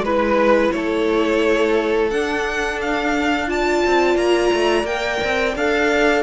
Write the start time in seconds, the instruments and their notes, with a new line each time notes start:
0.00 cello G#3, viola E4, violin B4
0.72 cello A3, violin A4 C#5
2.10 cello D4, viola D4, violin F#5
2.81 violin F5
3.47 viola F4, violin D5 A5
3.85 cello C4
4.15 cello A#3, violin A#5
4.53 cello A3
4.83 cello A#3, viola A#4, violin G5
5.24 cello C4
5.55 cello D4, viola A4, violin F5